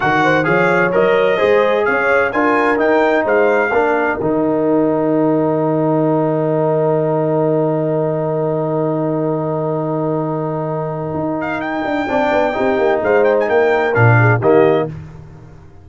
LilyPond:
<<
  \new Staff \with { instrumentName = "trumpet" } { \time 4/4 \tempo 4 = 129 fis''4 f''4 dis''2 | f''4 gis''4 g''4 f''4~ | f''4 g''2.~ | g''1~ |
g''1~ | g''1~ | g''8 f''8 g''2. | f''8 g''16 gis''16 g''4 f''4 dis''4 | }
  \new Staff \with { instrumentName = "horn" } { \time 4/4 ais'8 c''8 cis''2 c''4 | cis''4 ais'2 c''4 | ais'1~ | ais'1~ |
ais'1~ | ais'1~ | ais'2 d''4 g'4 | c''4 ais'4. gis'8 g'4 | }
  \new Staff \with { instrumentName = "trombone" } { \time 4/4 fis'4 gis'4 ais'4 gis'4~ | gis'4 f'4 dis'2 | d'4 dis'2.~ | dis'1~ |
dis'1~ | dis'1~ | dis'2 d'4 dis'4~ | dis'2 d'4 ais4 | }
  \new Staff \with { instrumentName = "tuba" } { \time 4/4 dis4 f4 fis4 gis4 | cis'4 d'4 dis'4 gis4 | ais4 dis2.~ | dis1~ |
dis1~ | dis1 | dis'4. d'8 c'8 b8 c'8 ais8 | gis4 ais4 ais,4 dis4 | }
>>